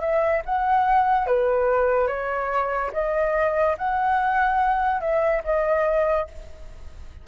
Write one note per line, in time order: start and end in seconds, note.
0.00 0.42 E5
0.45 1.26 F#5
1.26 2.07 B4
2.07 2.91 C#5
2.93 3.76 D#5
3.77 5.00 F#5
5.00 5.42 E5
5.44 6.27 D#5